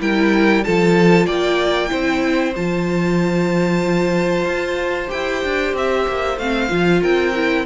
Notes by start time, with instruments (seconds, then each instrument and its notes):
0.00 cello G3, viola E4, violin A#4 G5
0.64 cello F3, viola F4, violin A4 A5
1.26 cello A#3, violin D5 G5
1.88 cello C4, viola E4, violin C5
2.56 cello F3, viola F4, violin A5
4.45 cello F4
5.08 cello E4, viola G4, violin G5
5.44 cello D4
5.73 cello C4, violin E5
6.08 cello A#3
6.37 cello A3, viola C4, violin F5
6.68 cello F3, viola F4
7.01 cello C4, violin A#4 G5
7.34 viola E4